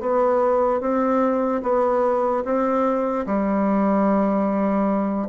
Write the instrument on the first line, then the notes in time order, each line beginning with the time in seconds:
bassoon
0.00 B3
0.81 C4
1.63 B3
2.44 C4
3.26 G3